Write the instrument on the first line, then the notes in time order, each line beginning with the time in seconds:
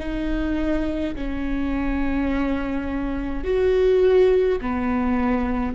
viola
0.00 D#4
1.15 C#4
3.44 F#4
4.62 B3